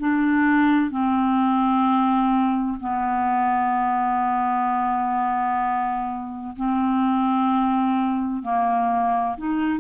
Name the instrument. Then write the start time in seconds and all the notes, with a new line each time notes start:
clarinet
0.00 D4
0.91 C4
2.81 B3
6.57 C4
8.43 A#3
9.38 D#4